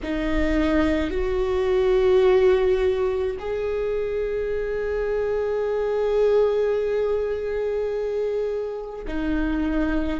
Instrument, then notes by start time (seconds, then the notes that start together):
viola
0.03 D#4
1.10 F#4
3.39 G#4
9.07 D#4